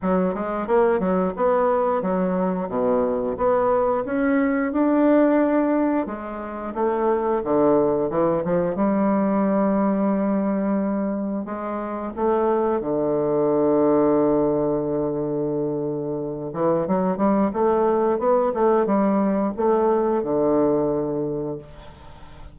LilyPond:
\new Staff \with { instrumentName = "bassoon" } { \time 4/4 \tempo 4 = 89 fis8 gis8 ais8 fis8 b4 fis4 | b,4 b4 cis'4 d'4~ | d'4 gis4 a4 d4 | e8 f8 g2.~ |
g4 gis4 a4 d4~ | d1~ | d8 e8 fis8 g8 a4 b8 a8 | g4 a4 d2 | }